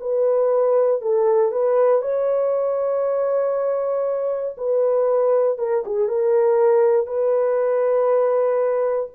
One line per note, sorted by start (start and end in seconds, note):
0.00 1.01 B4
1.01 1.52 A4
1.52 2.02 B4
2.02 4.56 C#5
4.57 5.58 B4
5.58 5.83 A#4
5.85 6.08 G#4
6.08 7.06 A#4
7.06 9.10 B4